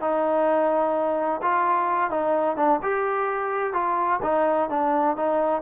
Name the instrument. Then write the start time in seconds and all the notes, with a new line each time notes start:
trombone
0.00 D#4
1.42 F4
2.10 D#4
2.56 D4
2.82 G4
3.73 F4
4.22 D#4
4.69 D4
5.16 D#4